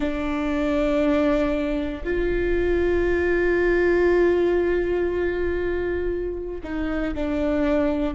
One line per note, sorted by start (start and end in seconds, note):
0.00 2.03 D4
2.03 6.61 F4
6.63 7.14 D#4
7.14 8.14 D4